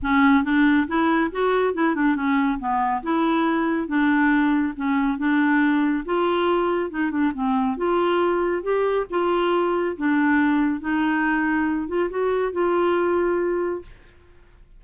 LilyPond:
\new Staff \with { instrumentName = "clarinet" } { \time 4/4 \tempo 4 = 139 cis'4 d'4 e'4 fis'4 | e'8 d'8 cis'4 b4 e'4~ | e'4 d'2 cis'4 | d'2 f'2 |
dis'8 d'8 c'4 f'2 | g'4 f'2 d'4~ | d'4 dis'2~ dis'8 f'8 | fis'4 f'2. | }